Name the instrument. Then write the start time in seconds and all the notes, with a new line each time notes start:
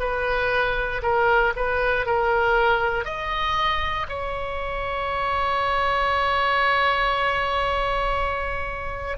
oboe
0.00 B4
1.03 A#4
1.56 B4
2.06 A#4
3.05 D#5
4.09 C#5